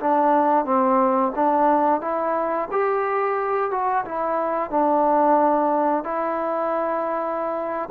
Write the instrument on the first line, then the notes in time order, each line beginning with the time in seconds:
trombone
0.00 D4
0.65 C4
1.35 D4
2.01 E4
2.72 G4
3.71 F#4
4.05 E4
4.70 D4
6.04 E4